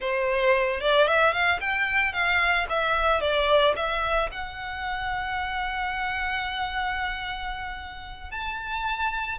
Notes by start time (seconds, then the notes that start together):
0.00 C5
0.80 D5
1.07 E5
1.32 F5
1.60 G5
2.13 F5
2.69 E5
3.20 D5
3.76 E5
4.31 F#5
8.31 A5